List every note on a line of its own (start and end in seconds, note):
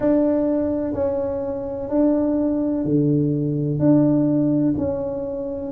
0.00 0.94 D4
0.94 1.89 C#4
1.89 2.84 D4
2.84 3.79 D3
3.79 4.74 D4
4.77 5.71 C#4